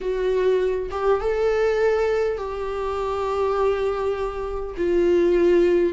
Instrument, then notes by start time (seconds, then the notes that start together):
viola
0.00 F#4
0.91 G4
1.20 A4
2.37 G4
4.77 F4